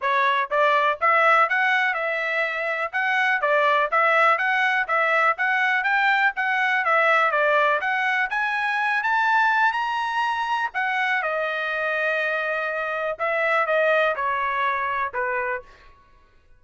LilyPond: \new Staff \with { instrumentName = "trumpet" } { \time 4/4 \tempo 4 = 123 cis''4 d''4 e''4 fis''4 | e''2 fis''4 d''4 | e''4 fis''4 e''4 fis''4 | g''4 fis''4 e''4 d''4 |
fis''4 gis''4. a''4. | ais''2 fis''4 dis''4~ | dis''2. e''4 | dis''4 cis''2 b'4 | }